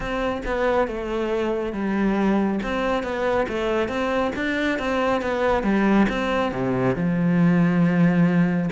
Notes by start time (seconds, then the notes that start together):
0.00 C4
0.45 B3
0.87 A3
1.72 G3
2.62 C4
3.03 B3
3.48 A3
3.88 C4
4.35 D4
4.78 C4
5.21 B3
5.63 G3
6.08 C4
6.52 C3
6.95 F3